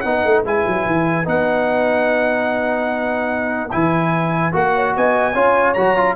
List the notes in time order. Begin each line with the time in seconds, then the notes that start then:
0.00 B3 D#4 B4 F#5
0.24 A3
0.44 G#3 E4 G#5
0.67 F#3
0.86 E3
1.24 B3 D#4 F#5
3.71 E3 E4 G#5
4.52 A#3 F#4 F#5
4.74 C#5
4.96 B3 D#5 G#5
5.33 C#4 F4 C#5
5.73 F#3 F#4 A#5
5.96 F4